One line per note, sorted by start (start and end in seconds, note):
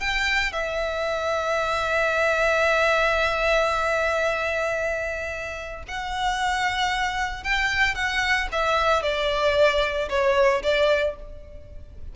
0.00 0.52 G5
0.52 5.83 E5
5.88 7.43 F#5
7.43 7.95 G5
7.95 8.48 F#5
8.52 9.02 E5
9.02 10.09 D5
10.09 10.62 C#5
10.62 11.16 D5